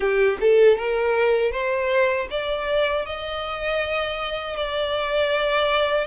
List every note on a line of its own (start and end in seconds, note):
0.00 0.37 G4
0.40 0.77 A4
0.77 1.51 A#4
1.51 2.27 C5
2.30 3.05 D5
3.05 4.56 D#5
4.56 6.06 D5